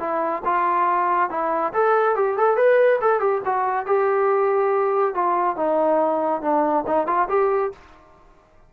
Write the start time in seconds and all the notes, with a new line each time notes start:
0.00 E4
0.45 F4
1.30 E4
1.74 A4
2.16 G4
2.38 A4
2.57 B4
3.01 A4
3.20 G4
3.46 F#4
3.86 G4
5.15 F4
5.57 D#4
6.42 D4
6.87 D#4
7.07 F4
7.29 G4